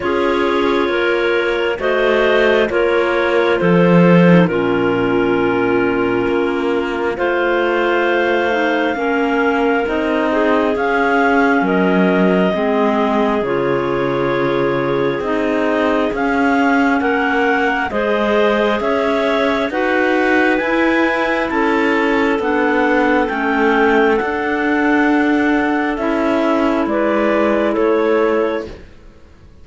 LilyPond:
<<
  \new Staff \with { instrumentName = "clarinet" } { \time 4/4 \tempo 4 = 67 cis''2 dis''4 cis''4 | c''4 ais'2. | f''2. dis''4 | f''4 dis''2 cis''4~ |
cis''4 dis''4 f''4 fis''4 | dis''4 e''4 fis''4 gis''4 | a''4 fis''4 g''4 fis''4~ | fis''4 e''4 d''4 cis''4 | }
  \new Staff \with { instrumentName = "clarinet" } { \time 4/4 gis'4 ais'4 c''4 ais'4 | a'4 f'2. | c''2 ais'4. gis'8~ | gis'4 ais'4 gis'2~ |
gis'2. ais'4 | c''4 cis''4 b'2 | a'1~ | a'2 b'4 a'4 | }
  \new Staff \with { instrumentName = "clarinet" } { \time 4/4 f'2 fis'4 f'4~ | f'8. dis'16 cis'2. | f'4. dis'8 cis'4 dis'4 | cis'2 c'4 f'4~ |
f'4 dis'4 cis'2 | gis'2 fis'4 e'4~ | e'4 d'4 cis'4 d'4~ | d'4 e'2. | }
  \new Staff \with { instrumentName = "cello" } { \time 4/4 cis'4 ais4 a4 ais4 | f4 ais,2 ais4 | a2 ais4 c'4 | cis'4 fis4 gis4 cis4~ |
cis4 c'4 cis'4 ais4 | gis4 cis'4 dis'4 e'4 | cis'4 b4 a4 d'4~ | d'4 cis'4 gis4 a4 | }
>>